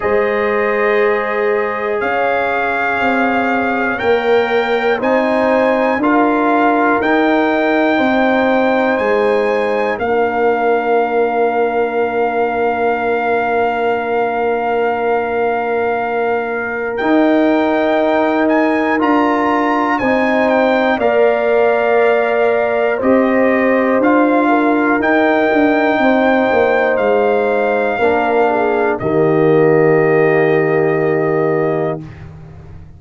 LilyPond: <<
  \new Staff \with { instrumentName = "trumpet" } { \time 4/4 \tempo 4 = 60 dis''2 f''2 | g''4 gis''4 f''4 g''4~ | g''4 gis''4 f''2~ | f''1~ |
f''4 g''4. gis''8 ais''4 | gis''8 g''8 f''2 dis''4 | f''4 g''2 f''4~ | f''4 dis''2. | }
  \new Staff \with { instrumentName = "horn" } { \time 4/4 c''2 cis''2~ | cis''4 c''4 ais'2 | c''2 ais'2~ | ais'1~ |
ais'1 | c''4 d''2 c''4~ | c''8 ais'4. c''2 | ais'8 gis'8 g'2. | }
  \new Staff \with { instrumentName = "trombone" } { \time 4/4 gis'1 | ais'4 dis'4 f'4 dis'4~ | dis'2 d'2~ | d'1~ |
d'4 dis'2 f'4 | dis'4 ais'2 g'4 | f'4 dis'2. | d'4 ais2. | }
  \new Staff \with { instrumentName = "tuba" } { \time 4/4 gis2 cis'4 c'4 | ais4 c'4 d'4 dis'4 | c'4 gis4 ais2~ | ais1~ |
ais4 dis'2 d'4 | c'4 ais2 c'4 | d'4 dis'8 d'8 c'8 ais8 gis4 | ais4 dis2. | }
>>